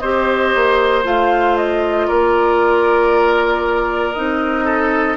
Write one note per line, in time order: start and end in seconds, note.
0.00 0.55 C4
0.00 1.04 G4
0.00 2.08 C5
0.00 1.03 D#5
0.55 1.05 A#3
1.04 2.09 A3
1.04 4.14 F4
1.04 1.58 F5
1.58 2.09 D#5
2.08 4.17 A#3
2.08 4.65 A#4
2.08 4.14 D5
4.14 5.17 C4
4.14 5.17 D#4
4.14 5.17 D#5
4.65 5.17 A4